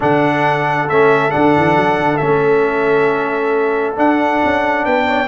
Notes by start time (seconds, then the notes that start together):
0.00 D3 D4 A4 F#5
0.89 A3 C#4 E5
1.30 D3 D4 F#5
1.56 E3
1.76 F#3
1.98 D3
2.17 A3 C#4 E5
3.95 D4 F#5
4.44 C#4
4.84 B3 B4 G5
5.07 C#5